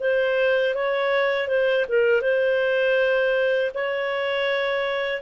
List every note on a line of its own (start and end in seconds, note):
0.00 0.75 C5
0.75 1.48 C#5
1.48 1.85 C5
1.89 2.22 A#4
2.22 3.72 C5
3.74 5.22 C#5